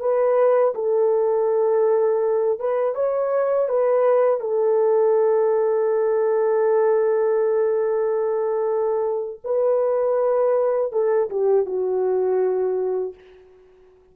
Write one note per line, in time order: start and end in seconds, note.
0.00 0.74 B4
0.75 2.59 A4
2.59 2.95 B4
2.95 3.69 C#5
3.69 4.40 B4
4.40 9.40 A4
9.44 10.92 B4
10.92 11.29 A4
11.30 11.66 G4
11.66 13.14 F#4